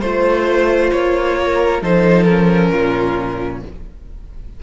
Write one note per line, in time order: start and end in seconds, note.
0.00 0.91 A3
0.00 1.82 F4
0.00 0.90 C5
0.00 1.38 C5
0.91 1.82 A#3
0.91 1.81 C#5
1.38 1.82 A#4
1.82 2.71 F3
1.82 2.27 D#4
1.82 2.71 A4
1.82 2.23 C5
2.23 3.62 C#4
2.23 3.58 A#4
2.71 3.62 A#2
2.71 3.60 F4